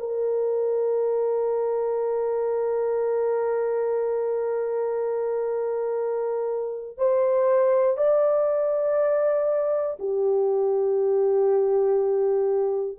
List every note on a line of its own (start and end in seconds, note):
0.00 6.98 A#4
6.98 7.98 C5
7.98 9.98 D5
10.00 12.99 G4